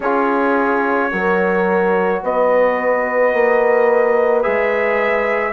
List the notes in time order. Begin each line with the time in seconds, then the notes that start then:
0.00 C#4 F4 G#4 C#5
1.11 F#3 F#4 A#4
2.22 B3 B4 D#5
3.33 A#3
4.42 G#3 G#4 E5